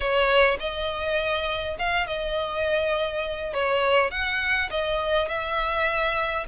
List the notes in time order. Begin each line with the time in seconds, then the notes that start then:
0.00 C#5
0.59 D#5
1.78 F5
2.06 D#5
3.53 C#5
4.10 F#5
4.70 D#5
5.28 E5